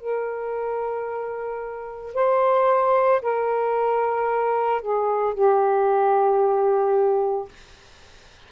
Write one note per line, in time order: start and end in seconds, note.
0.00 2.14 A#4
2.14 3.21 C5
3.21 4.82 A#4
4.82 5.34 G#4
5.34 7.49 G4